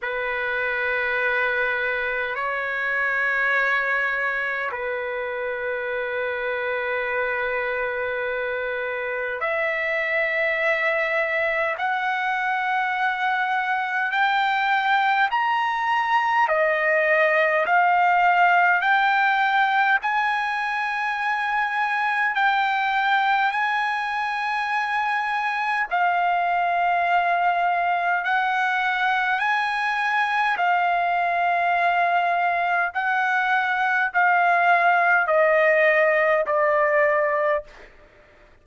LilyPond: \new Staff \with { instrumentName = "trumpet" } { \time 4/4 \tempo 4 = 51 b'2 cis''2 | b'1 | e''2 fis''2 | g''4 ais''4 dis''4 f''4 |
g''4 gis''2 g''4 | gis''2 f''2 | fis''4 gis''4 f''2 | fis''4 f''4 dis''4 d''4 | }